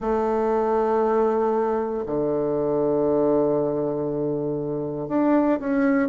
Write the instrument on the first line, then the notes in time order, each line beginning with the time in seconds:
bassoon
0.00 A3
2.06 D3
5.08 D4
5.59 C#4